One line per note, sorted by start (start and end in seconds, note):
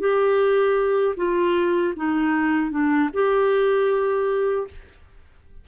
0.00 1.15 G4
1.17 1.94 F4
1.97 2.71 D#4
2.71 3.10 D4
3.14 4.67 G4